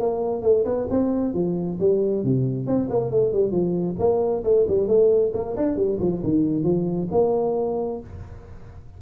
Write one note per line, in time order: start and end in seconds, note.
0.00 0.43 A#3
0.43 0.65 A3
0.65 0.88 B3
0.91 1.34 C4
1.34 1.79 F3
1.80 2.24 G3
2.24 2.67 C3
2.67 2.89 C4
2.90 3.12 A#3
3.12 3.33 A3
3.33 3.52 G3
3.52 3.96 F3
3.99 4.44 A#3
4.44 4.66 A3
4.68 4.88 G3
4.88 5.33 A3
5.34 5.56 A#3
5.57 5.77 D4
5.77 5.99 G3
6.00 6.23 F3
6.24 6.64 D#3
6.64 7.08 F3
7.12 8.01 A#3